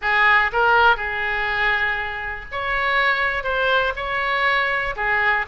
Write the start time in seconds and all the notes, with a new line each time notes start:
0.01 G#4
0.52 A#4
0.96 G#4
2.51 C#5
3.43 C5
3.96 C#5
4.96 G#4